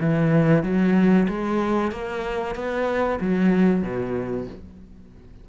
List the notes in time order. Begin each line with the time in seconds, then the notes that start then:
0.00 E3
0.63 F#3
1.28 G#3
1.91 A#3
2.55 B3
3.20 F#3
3.83 B2